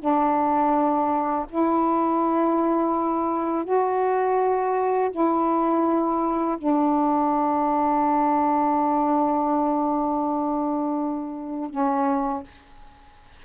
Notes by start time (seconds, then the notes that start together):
0.00 D4
1.49 E4
3.65 F#4
5.12 E4
6.59 D4
11.70 C#4